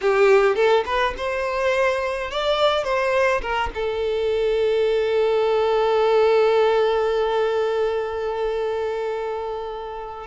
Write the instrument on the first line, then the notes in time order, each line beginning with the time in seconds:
violin
0.01 G4
0.55 A4
0.85 B4
1.17 C5
2.30 D5
2.84 C5
3.41 A#4
3.74 A4